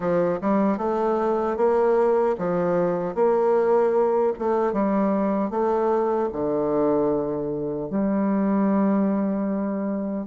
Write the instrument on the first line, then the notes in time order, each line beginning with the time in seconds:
bassoon
0.00 F3
0.41 G3
0.77 A3
1.56 A#3
2.38 F3
3.14 A#3
4.38 A3
4.73 G3
5.50 A3
6.32 D3
7.89 G3